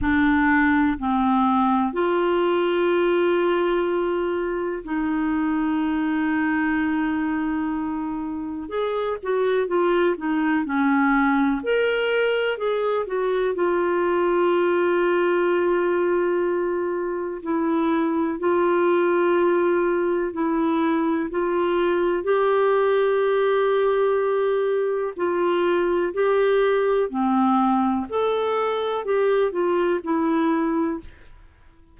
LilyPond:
\new Staff \with { instrumentName = "clarinet" } { \time 4/4 \tempo 4 = 62 d'4 c'4 f'2~ | f'4 dis'2.~ | dis'4 gis'8 fis'8 f'8 dis'8 cis'4 | ais'4 gis'8 fis'8 f'2~ |
f'2 e'4 f'4~ | f'4 e'4 f'4 g'4~ | g'2 f'4 g'4 | c'4 a'4 g'8 f'8 e'4 | }